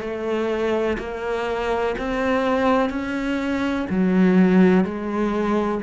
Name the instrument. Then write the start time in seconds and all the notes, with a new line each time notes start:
cello
0.00 A3
0.98 A#3
1.98 C4
2.89 C#4
3.90 F#3
4.84 G#3